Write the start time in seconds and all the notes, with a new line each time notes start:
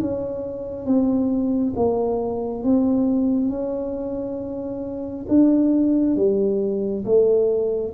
0.00 C#4
0.85 C4
1.76 A#3
2.64 C4
3.50 C#4
5.28 D4
6.16 G3
7.05 A3